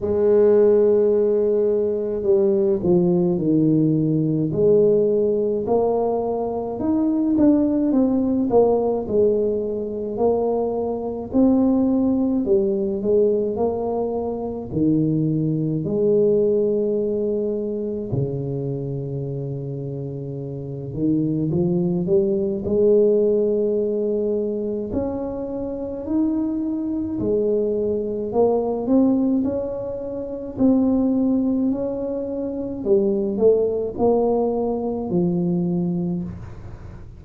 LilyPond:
\new Staff \with { instrumentName = "tuba" } { \time 4/4 \tempo 4 = 53 gis2 g8 f8 dis4 | gis4 ais4 dis'8 d'8 c'8 ais8 | gis4 ais4 c'4 g8 gis8 | ais4 dis4 gis2 |
cis2~ cis8 dis8 f8 g8 | gis2 cis'4 dis'4 | gis4 ais8 c'8 cis'4 c'4 | cis'4 g8 a8 ais4 f4 | }